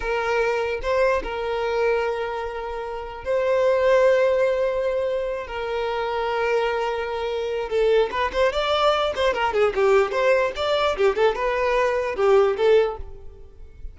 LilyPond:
\new Staff \with { instrumentName = "violin" } { \time 4/4 \tempo 4 = 148 ais'2 c''4 ais'4~ | ais'1 | c''1~ | c''4. ais'2~ ais'8~ |
ais'2. a'4 | b'8 c''8 d''4. c''8 ais'8 gis'8 | g'4 c''4 d''4 g'8 a'8 | b'2 g'4 a'4 | }